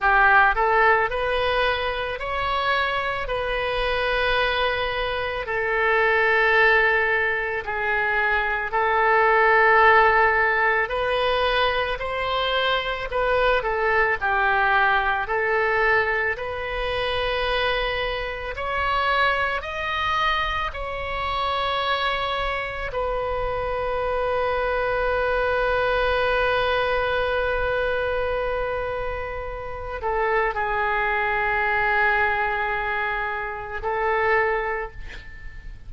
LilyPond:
\new Staff \with { instrumentName = "oboe" } { \time 4/4 \tempo 4 = 55 g'8 a'8 b'4 cis''4 b'4~ | b'4 a'2 gis'4 | a'2 b'4 c''4 | b'8 a'8 g'4 a'4 b'4~ |
b'4 cis''4 dis''4 cis''4~ | cis''4 b'2.~ | b'2.~ b'8 a'8 | gis'2. a'4 | }